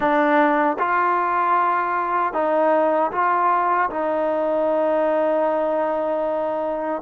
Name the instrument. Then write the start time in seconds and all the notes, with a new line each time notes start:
trombone
0.00 D4
0.79 F4
2.33 D#4
3.11 F4
3.90 D#4